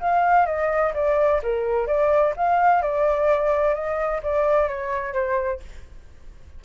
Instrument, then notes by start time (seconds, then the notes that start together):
flute
0.00 F5
0.46 D#5
0.94 D5
1.43 A#4
1.87 D5
2.37 F5
2.82 D5
3.75 D#5
4.23 D5
4.69 C#5
5.13 C5